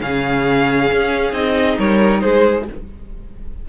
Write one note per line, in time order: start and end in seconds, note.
0.00 0.91 C#3
0.00 1.32 C#4
0.00 1.78 G#4
0.00 1.33 F5
0.91 1.32 C#4
1.32 1.77 C4
1.32 2.65 D#4
1.32 1.78 D#5
1.78 2.23 G3
1.78 2.23 A#4
1.78 2.20 C#5
2.20 2.68 G#3
2.20 2.67 G#4
2.20 2.65 C5